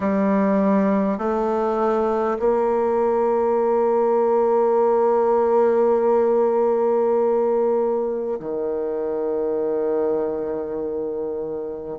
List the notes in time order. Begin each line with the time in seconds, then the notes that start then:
0.00 G3
1.18 A3
2.39 A#3
8.39 D#3